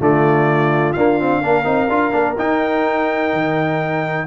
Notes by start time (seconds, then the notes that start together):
0.00 D3 A3 F4 D5
0.93 A#3 D4 F5
1.20 C4
1.41 A#3 D4 A#4
1.64 C4 D#4
1.89 D4 F4
2.12 A#3 D4
2.38 D#4 G5
3.33 D#3